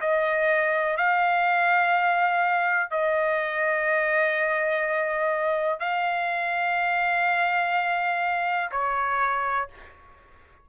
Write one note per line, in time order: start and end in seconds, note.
0.00 0.97 D#5
0.97 2.90 F5
2.90 5.79 D#5
5.79 8.70 F5
8.71 9.68 C#5